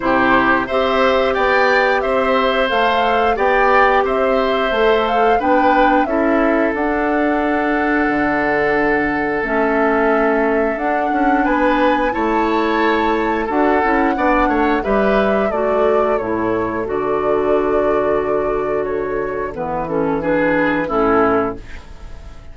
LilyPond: <<
  \new Staff \with { instrumentName = "flute" } { \time 4/4 \tempo 4 = 89 c''4 e''4 g''4 e''4 | f''4 g''4 e''4. f''8 | g''4 e''4 fis''2~ | fis''2 e''2 |
fis''4 gis''4 a''2 | fis''2 e''4 d''4 | cis''4 d''2. | cis''4 b'8 a'8 b'4 a'4 | }
  \new Staff \with { instrumentName = "oboe" } { \time 4/4 g'4 c''4 d''4 c''4~ | c''4 d''4 c''2 | b'4 a'2.~ | a'1~ |
a'4 b'4 cis''2 | a'4 d''8 cis''8 b'4 a'4~ | a'1~ | a'2 gis'4 e'4 | }
  \new Staff \with { instrumentName = "clarinet" } { \time 4/4 e'4 g'2. | a'4 g'2 a'4 | d'4 e'4 d'2~ | d'2 cis'2 |
d'2 e'2 | fis'8 e'8 d'4 g'4 fis'4 | e'4 fis'2.~ | fis'4 b8 cis'8 d'4 cis'4 | }
  \new Staff \with { instrumentName = "bassoon" } { \time 4/4 c4 c'4 b4 c'4 | a4 b4 c'4 a4 | b4 cis'4 d'2 | d2 a2 |
d'8 cis'8 b4 a2 | d'8 cis'8 b8 a8 g4 a4 | a,4 d2.~ | d4 e2 a,4 | }
>>